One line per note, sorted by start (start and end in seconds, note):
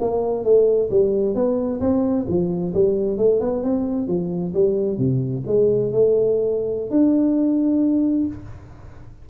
0.00 0.43 A#3
0.43 0.89 A3
0.90 1.34 G3
1.34 1.80 B3
1.80 2.25 C4
2.27 2.73 F3
2.74 3.17 G3
3.17 3.40 A3
3.40 3.63 B3
3.63 4.07 C4
4.07 4.53 F3
4.54 4.98 G3
4.98 5.43 C3
5.46 5.91 G#3
5.91 6.90 A3
6.90 8.26 D4